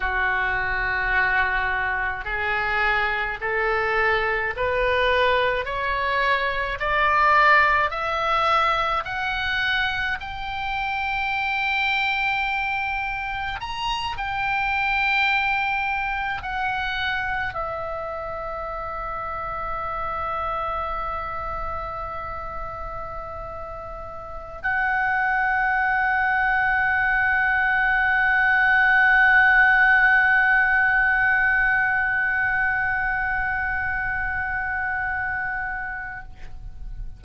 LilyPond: \new Staff \with { instrumentName = "oboe" } { \time 4/4 \tempo 4 = 53 fis'2 gis'4 a'4 | b'4 cis''4 d''4 e''4 | fis''4 g''2. | ais''8 g''2 fis''4 e''8~ |
e''1~ | e''4.~ e''16 fis''2~ fis''16~ | fis''1~ | fis''1 | }